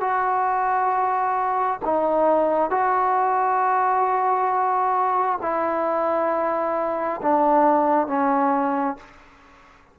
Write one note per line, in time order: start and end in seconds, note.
0.00 1.79 F#4
1.85 2.70 D#4
2.70 5.39 F#4
5.41 7.20 E4
7.22 8.07 D4
8.07 8.97 C#4